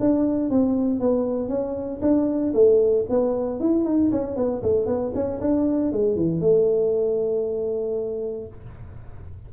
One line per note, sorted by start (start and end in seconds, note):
0.00 0.50 D4
0.50 1.00 C4
1.00 1.49 B3
1.49 2.01 C#4
2.01 2.53 D4
2.54 3.06 A3
3.10 3.60 B3
3.60 3.85 E4
3.85 4.11 D#4
4.12 4.37 C#4
4.37 4.62 B3
4.63 4.86 A3
4.86 5.12 B3
5.15 5.41 C#4
5.41 5.92 D4
5.92 6.16 G#3
6.16 6.41 E3
6.41 8.48 A3